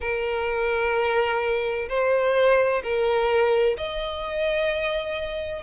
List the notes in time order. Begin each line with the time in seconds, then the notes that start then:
0.00 A#4
1.88 C5
2.83 A#4
3.77 D#5